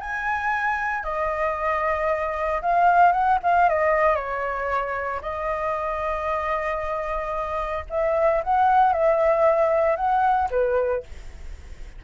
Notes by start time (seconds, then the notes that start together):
0.00 G#5
1.04 D#5
2.61 F5
3.12 F#5
3.43 F5
3.69 D#5
4.16 C#5
5.22 D#5
7.90 E5
8.44 F#5
8.93 E5
9.96 F#5
10.51 B4